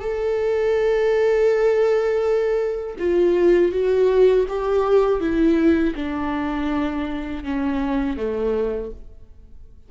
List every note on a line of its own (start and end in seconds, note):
0.00 2.96 A4
2.99 3.72 F4
3.72 4.46 F#4
4.48 5.21 G4
5.21 5.95 E4
5.96 7.44 D4
7.44 8.17 C#4
8.17 8.91 A3